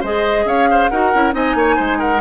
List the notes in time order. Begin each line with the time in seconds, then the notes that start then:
0.00 G#3 G#4 C5 D#5
0.45 C#4 C#5 F5
0.70 C5
0.88 D#4 F#4 A#4 F#5
1.13 C#4 E4
1.32 C4 D#4 D#5 G#5
1.55 A#3 C#5
1.76 G#3 C5
1.99 A#4 F#5